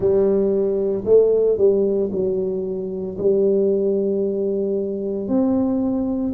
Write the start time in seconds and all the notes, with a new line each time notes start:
0.00 G3
1.04 A3
1.57 G3
2.11 F#3
3.18 G3
5.28 C4